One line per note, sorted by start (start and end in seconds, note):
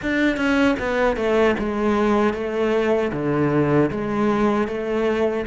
0.02 0.36 D4
0.36 0.75 C#4
0.79 1.16 B3
1.16 1.55 A3
1.58 2.33 G#3
2.33 3.11 A3
3.12 3.90 D3
3.91 4.67 G#3
4.67 5.45 A3